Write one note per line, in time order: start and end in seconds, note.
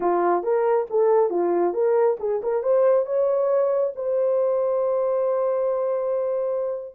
0.00 0.43 F4
0.43 0.86 A#4
0.89 1.29 A4
1.29 1.73 F4
1.73 2.17 A#4
2.19 2.41 G#4
2.42 2.62 A#4
2.62 3.06 C5
3.06 3.93 C#5
3.95 6.95 C5